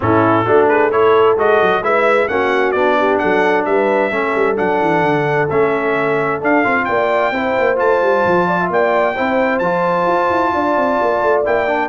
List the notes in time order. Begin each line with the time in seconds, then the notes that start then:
0.00 A2 C#4 E4 A4
0.45 A3 D4 F#4
0.68 G#4 B4
0.91 E4 A4 C#5
1.37 G#3 F#4 D#5
1.61 F#3
1.81 G#3 E4 B4 E5
2.28 A#3 C#4 F#4 F#5
2.71 B3 D4 D5
2.98 G4
3.18 F#3 A4 F#5
3.65 G3 B4 E5
4.11 A3 C#4 A4
4.35 G3
4.56 F#3 D4 F#5
4.80 E3
5.02 D3
5.49 A3 C#4 E5
6.41 D4 F5
6.64 C4 F4
6.85 A#3 D5 G5
7.31 C4 E4 C5
7.58 A#3
7.76 A3 F4 A5
8.01 G3
8.25 F3
8.47 D5
8.60 E5
8.70 A#3 D5 G5
9.15 C4 E4 C5
9.58 F3 F4 A5
10.06 F4
10.30 E4
10.53 D4 D5
10.76 C4
11.01 A#3
11.22 A3
11.44 A#3 E4 G5
11.67 D4